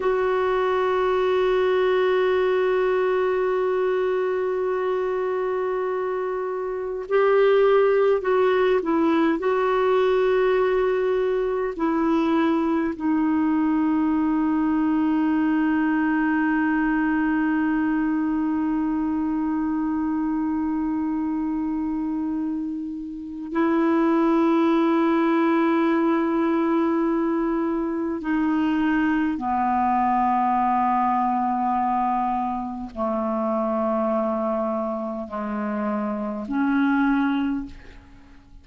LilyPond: \new Staff \with { instrumentName = "clarinet" } { \time 4/4 \tempo 4 = 51 fis'1~ | fis'2 g'4 fis'8 e'8 | fis'2 e'4 dis'4~ | dis'1~ |
dis'1 | e'1 | dis'4 b2. | a2 gis4 cis'4 | }